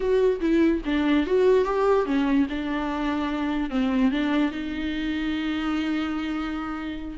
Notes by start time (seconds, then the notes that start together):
0.00 F#4
0.40 E4
0.85 D4
1.26 F#4
1.64 G4
2.05 C#4
2.49 D4
3.70 C4
4.11 D4
4.51 D#4